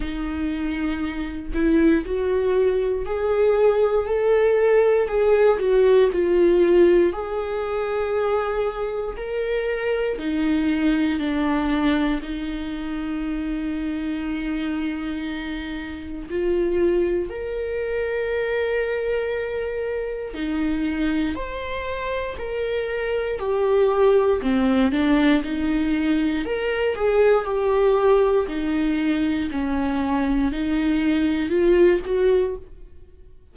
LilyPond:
\new Staff \with { instrumentName = "viola" } { \time 4/4 \tempo 4 = 59 dis'4. e'8 fis'4 gis'4 | a'4 gis'8 fis'8 f'4 gis'4~ | gis'4 ais'4 dis'4 d'4 | dis'1 |
f'4 ais'2. | dis'4 c''4 ais'4 g'4 | c'8 d'8 dis'4 ais'8 gis'8 g'4 | dis'4 cis'4 dis'4 f'8 fis'8 | }